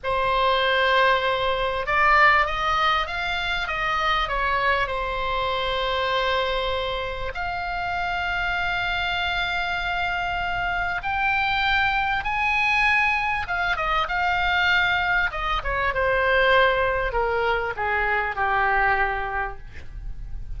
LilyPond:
\new Staff \with { instrumentName = "oboe" } { \time 4/4 \tempo 4 = 98 c''2. d''4 | dis''4 f''4 dis''4 cis''4 | c''1 | f''1~ |
f''2 g''2 | gis''2 f''8 dis''8 f''4~ | f''4 dis''8 cis''8 c''2 | ais'4 gis'4 g'2 | }